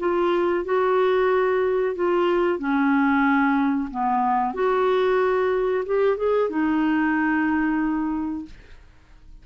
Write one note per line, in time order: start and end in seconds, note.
0.00 0.65 F4
0.65 1.95 F#4
1.96 2.59 F4
2.59 3.90 C#4
3.91 4.54 B3
4.54 5.85 F#4
5.86 6.17 G4
6.17 6.50 G#4
6.50 8.45 D#4